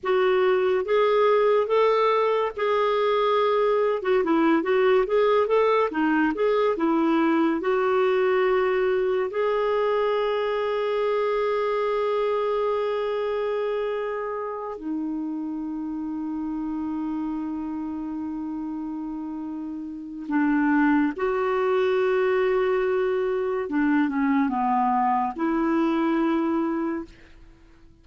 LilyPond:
\new Staff \with { instrumentName = "clarinet" } { \time 4/4 \tempo 4 = 71 fis'4 gis'4 a'4 gis'4~ | gis'8. fis'16 e'8 fis'8 gis'8 a'8 dis'8 gis'8 | e'4 fis'2 gis'4~ | gis'1~ |
gis'4. dis'2~ dis'8~ | dis'1 | d'4 fis'2. | d'8 cis'8 b4 e'2 | }